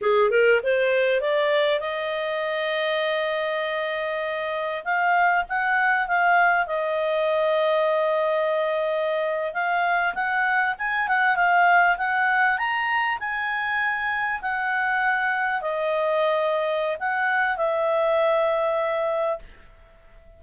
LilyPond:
\new Staff \with { instrumentName = "clarinet" } { \time 4/4 \tempo 4 = 99 gis'8 ais'8 c''4 d''4 dis''4~ | dis''1 | f''4 fis''4 f''4 dis''4~ | dis''2.~ dis''8. f''16~ |
f''8. fis''4 gis''8 fis''8 f''4 fis''16~ | fis''8. ais''4 gis''2 fis''16~ | fis''4.~ fis''16 dis''2~ dis''16 | fis''4 e''2. | }